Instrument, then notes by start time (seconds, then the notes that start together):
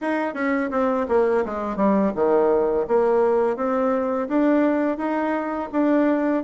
bassoon
0.01 D#4
0.34 C#4
0.70 C4
1.08 A#3
1.44 G#3
1.76 G3
2.15 D#3
2.87 A#3
3.56 C4
4.28 D4
4.97 D#4
5.72 D4